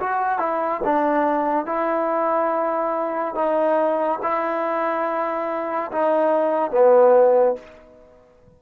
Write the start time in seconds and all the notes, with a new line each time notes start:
0.00 F#4
0.39 E4
0.85 D4
1.66 E4
3.35 D#4
4.23 E4
5.92 D#4
6.71 B3